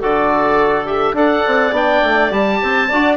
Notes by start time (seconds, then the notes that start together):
0.00 D3 F#4 A4 D5
0.86 G4 E5
1.13 D4 A4 D5 F#5
1.47 C4
1.72 B3 D4 G5
2.03 A3
2.31 G3 G4 A5
2.63 C4 C5
2.89 D4 F#4 D5